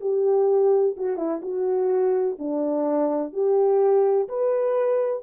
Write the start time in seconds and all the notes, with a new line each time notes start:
0.00 G4
0.97 F#4
1.17 E4
1.42 F#4
2.39 D4
3.33 G4
4.29 B4